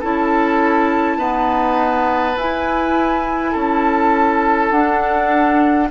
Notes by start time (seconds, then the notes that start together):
0.00 C#4 E4 A4 A5
1.18 B3 D#4 B4
2.37 E4 G#5
3.52 C#4 A4 A5
4.71 D4 F#5